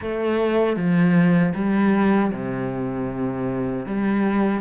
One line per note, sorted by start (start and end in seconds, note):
0.01 0.76 A3
0.76 1.53 F3
1.54 2.31 G3
2.31 3.85 C3
3.86 4.61 G3